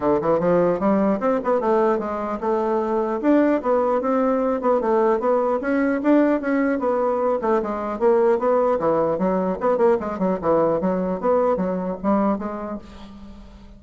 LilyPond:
\new Staff \with { instrumentName = "bassoon" } { \time 4/4 \tempo 4 = 150 d8 e8 f4 g4 c'8 b8 | a4 gis4 a2 | d'4 b4 c'4. b8 | a4 b4 cis'4 d'4 |
cis'4 b4. a8 gis4 | ais4 b4 e4 fis4 | b8 ais8 gis8 fis8 e4 fis4 | b4 fis4 g4 gis4 | }